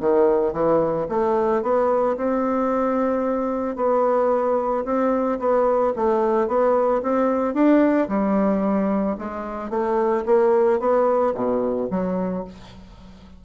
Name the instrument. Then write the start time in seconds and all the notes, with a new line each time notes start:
bassoon
0.00 D#3
0.53 E3
1.09 A3
1.62 B3
2.16 C4
3.76 B3
4.85 C4
5.39 B3
5.96 A3
6.47 B3
7.02 C4
7.54 D4
8.08 G3
9.18 G#3
9.70 A3
10.26 A#3
10.80 B3
11.34 B2
11.90 F#3